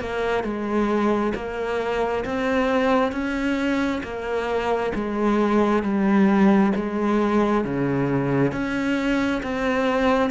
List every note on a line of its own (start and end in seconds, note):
0.00 0.44 A#3
0.44 1.34 G#3
1.35 2.25 A#3
2.25 3.12 C4
3.12 4.02 C#4
4.03 4.93 A#3
4.95 5.83 G#3
5.83 6.72 G3
6.76 7.64 G#3
7.64 8.52 C#3
8.52 9.42 C#4
9.43 10.31 C4